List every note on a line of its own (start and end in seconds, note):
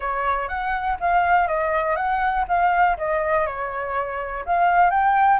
0.00 0.48 C#5
0.48 0.97 F#5
1.00 1.47 F5
1.47 1.95 D#5
1.95 2.45 F#5
2.48 2.97 F5
2.97 3.46 D#5
3.46 4.44 C#5
4.45 4.90 F5
4.90 5.39 G5